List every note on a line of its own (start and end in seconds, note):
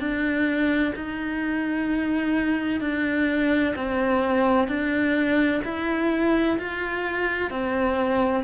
0.00 0.94 D4
0.96 2.81 D#4
2.81 3.75 D4
3.76 4.68 C4
4.68 5.62 D4
5.65 6.58 E4
6.59 7.51 F4
7.51 8.45 C4